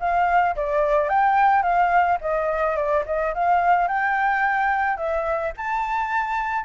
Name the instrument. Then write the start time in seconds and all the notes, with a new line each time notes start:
flute
0.00 F5
0.56 D5
1.09 G5
1.63 F5
2.21 D#5
2.77 D5
3.06 D#5
3.34 F5
3.88 G5
4.97 E5
5.57 A5